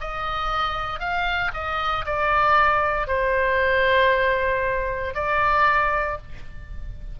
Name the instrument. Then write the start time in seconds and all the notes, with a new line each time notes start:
oboe
0.00 D#5
0.99 F5
1.53 D#5
2.05 D5
3.07 C5
5.14 D5